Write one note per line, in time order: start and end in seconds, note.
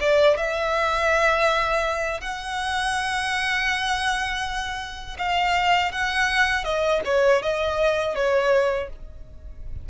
0.00 0.37 D5
0.37 2.21 E5
2.21 5.17 F#5
5.18 5.91 F5
5.91 6.64 F#5
6.64 7.01 D#5
7.05 7.42 C#5
7.42 8.15 D#5
8.15 8.89 C#5